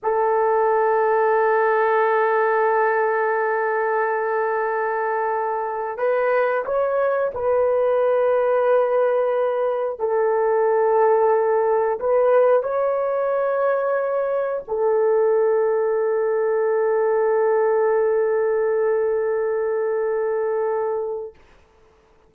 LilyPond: \new Staff \with { instrumentName = "horn" } { \time 4/4 \tempo 4 = 90 a'1~ | a'1~ | a'4 b'4 cis''4 b'4~ | b'2. a'4~ |
a'2 b'4 cis''4~ | cis''2 a'2~ | a'1~ | a'1 | }